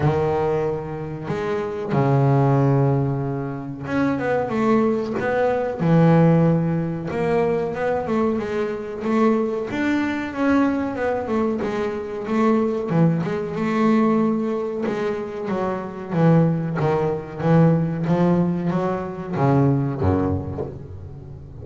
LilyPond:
\new Staff \with { instrumentName = "double bass" } { \time 4/4 \tempo 4 = 93 dis2 gis4 cis4~ | cis2 cis'8 b8 a4 | b4 e2 ais4 | b8 a8 gis4 a4 d'4 |
cis'4 b8 a8 gis4 a4 | e8 gis8 a2 gis4 | fis4 e4 dis4 e4 | f4 fis4 cis4 fis,4 | }